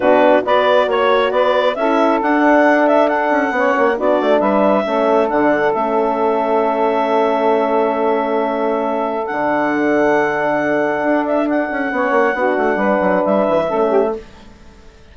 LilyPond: <<
  \new Staff \with { instrumentName = "clarinet" } { \time 4/4 \tempo 4 = 136 b'4 d''4 cis''4 d''4 | e''4 fis''4. e''8 fis''4~ | fis''4 d''4 e''2 | fis''4 e''2.~ |
e''1~ | e''4 fis''2.~ | fis''4. e''8 fis''2~ | fis''2 e''2 | }
  \new Staff \with { instrumentName = "saxophone" } { \time 4/4 fis'4 b'4 cis''4 b'4 | a'1 | cis''4 fis'4 b'4 a'4~ | a'1~ |
a'1~ | a'1~ | a'2. cis''4 | fis'4 b'2 a'8 g'8 | }
  \new Staff \with { instrumentName = "horn" } { \time 4/4 d'4 fis'2. | e'4 d'2. | cis'4 d'2 cis'4 | d'4 cis'2.~ |
cis'1~ | cis'4 d'2.~ | d'2. cis'4 | d'2. cis'4 | }
  \new Staff \with { instrumentName = "bassoon" } { \time 4/4 b,4 b4 ais4 b4 | cis'4 d'2~ d'8 cis'8 | b8 ais8 b8 a8 g4 a4 | d4 a2.~ |
a1~ | a4 d2.~ | d4 d'4. cis'8 b8 ais8 | b8 a8 g8 fis8 g8 e8 a4 | }
>>